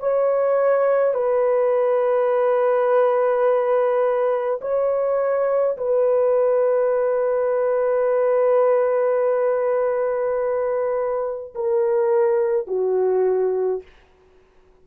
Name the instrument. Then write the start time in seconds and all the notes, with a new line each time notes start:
horn
0.00 C#5
1.14 B4
4.62 C#5
5.77 B4
11.55 A#4
12.68 F#4